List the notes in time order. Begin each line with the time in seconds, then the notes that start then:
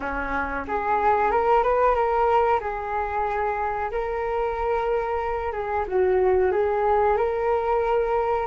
0.00 C#4
0.67 G#4
1.31 A#4
1.63 B4
1.94 A#4
2.60 G#4
3.91 A#4
5.52 G#4
5.87 F#4
6.51 G#4
7.17 A#4